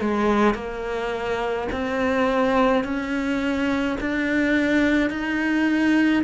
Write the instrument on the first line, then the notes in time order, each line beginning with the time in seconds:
cello
0.00 G#3
0.54 A#3
1.72 C4
2.84 C#4
4.00 D4
5.09 D#4